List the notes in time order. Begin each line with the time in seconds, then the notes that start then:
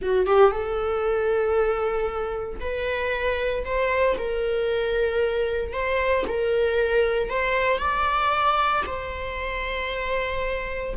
0.01 F#4
0.26 G4
0.51 A4
2.60 B4
3.64 C5
4.17 A#4
5.72 C5
6.27 A#4
7.29 C5
7.78 D5
8.86 C5